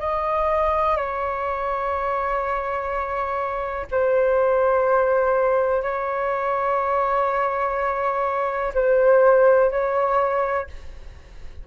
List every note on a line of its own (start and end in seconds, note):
0.00 0.96 D#5
0.96 3.87 C#5
3.91 5.83 C5
5.83 8.73 C#5
8.74 9.71 C5
9.71 10.68 C#5